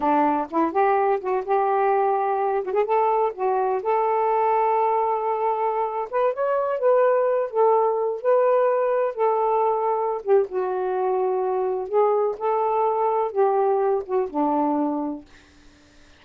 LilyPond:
\new Staff \with { instrumentName = "saxophone" } { \time 4/4 \tempo 4 = 126 d'4 e'8 g'4 fis'8 g'4~ | g'4. fis'16 gis'16 a'4 fis'4 | a'1~ | a'8. b'8 cis''4 b'4. a'16~ |
a'4~ a'16 b'2 a'8.~ | a'4. g'8 fis'2~ | fis'4 gis'4 a'2 | g'4. fis'8 d'2 | }